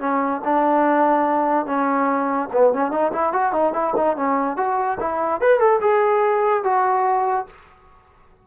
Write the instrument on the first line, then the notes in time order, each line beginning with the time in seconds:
trombone
0.00 C#4
0.45 D4
1.66 C#4
2.53 B3
2.74 C#4
2.92 D#4
3.13 E4
3.33 F#4
3.53 D#4
3.74 E4
3.97 D#4
4.17 C#4
4.57 F#4
5.00 E4
5.41 B4
5.60 A4
5.81 G#4
6.64 F#4